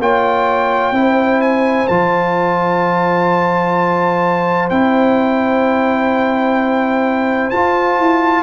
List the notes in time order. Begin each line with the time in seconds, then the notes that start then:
0.00 A#3 F4 C#5 G5
0.92 C4 E4
0.99 C5
1.42 G#5
1.88 F3 F4 A5
4.70 C4 E4 G5
7.50 F4 A5
7.99 E4